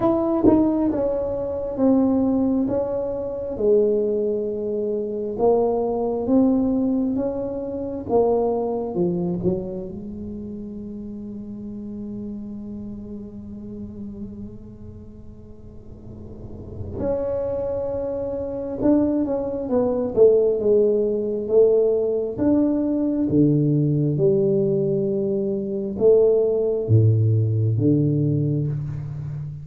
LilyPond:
\new Staff \with { instrumentName = "tuba" } { \time 4/4 \tempo 4 = 67 e'8 dis'8 cis'4 c'4 cis'4 | gis2 ais4 c'4 | cis'4 ais4 f8 fis8 gis4~ | gis1~ |
gis2. cis'4~ | cis'4 d'8 cis'8 b8 a8 gis4 | a4 d'4 d4 g4~ | g4 a4 a,4 d4 | }